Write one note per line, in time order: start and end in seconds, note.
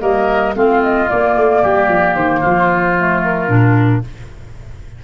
0.00 0.55 G3
0.00 0.54 A#3
0.00 0.55 A#4
0.00 0.55 D#5
0.55 1.09 A3
0.55 1.07 C4
0.55 1.62 F4
0.55 0.83 F5
0.83 1.09 D#5
1.07 2.95 A#3
1.07 1.37 A#3
1.07 2.15 D5
1.37 1.64 A3
1.62 1.88 G3
1.62 2.40 G4
1.88 2.15 F3
2.15 2.42 D#3
2.15 3.22 C5
2.40 3.49 F3
2.40 4.01 F4
2.98 3.48 A3
3.23 4.04 A#4
3.48 4.02 A#2
3.48 4.01 D4